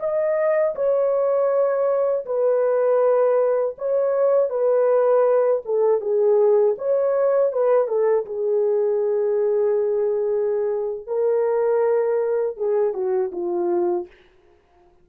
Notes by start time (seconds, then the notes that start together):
0.00 D#5
0.75 C#5
2.26 B4
3.78 C#5
4.50 B4
5.66 A4
6.01 G#4
6.78 C#5
7.52 B4
7.88 A4
8.26 G#4
11.07 A#4
12.57 G#4
12.94 F#4
13.32 F4